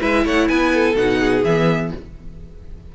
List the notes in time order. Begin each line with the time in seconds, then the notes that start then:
0.00 G#3 E4 B4 E5
0.26 A3 C#5 F#5
0.49 B3 B4 G#5
0.74 A4
0.96 B2 D#4 F#5
1.20 G#4
1.45 E3 B3 E5